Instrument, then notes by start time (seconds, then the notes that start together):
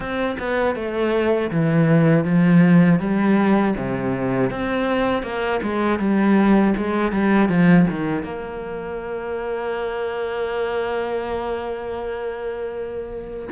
cello
0.00 C4
0.39 B3
0.75 A3
1.50 E3
2.24 F3
2.99 G3
3.76 C3
4.50 C4
5.22 A#3
5.62 G#3
5.99 G3
6.76 G#3
7.11 G3
7.48 F3
7.90 D#3
8.23 A#3